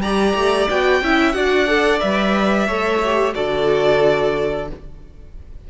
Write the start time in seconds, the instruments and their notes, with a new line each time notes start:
0.00 cello G3, viola G4, violin D5 A#5
0.35 cello A3
0.69 cello B3, viola F#4, violin G5
1.02 cello C#4, viola E4, violin E5
1.32 cello D4, viola F#4, violin D5 F#5
1.67 viola A4
2.00 cello G3, viola B4, violin E5
2.67 cello A3, viola A4, violin C#5
3.04 viola G4
3.34 cello D3, viola F#4, violin A4 D5